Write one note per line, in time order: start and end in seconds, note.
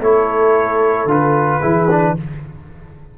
0.00 1.05 A3
0.00 1.08 E4
0.00 1.60 A4
0.00 1.10 C#5
1.05 1.58 D3
1.05 1.61 F4
1.11 2.18 B4
1.60 2.17 E3
1.60 1.88 E4
1.60 2.13 G#4
1.90 2.17 D4